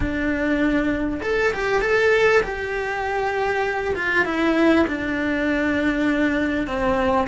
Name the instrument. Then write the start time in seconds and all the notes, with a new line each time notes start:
cello
0.00 D4
1.22 A4
1.53 G4
1.81 A4
2.42 G4
3.95 F4
4.25 E4
4.87 D4
6.67 C4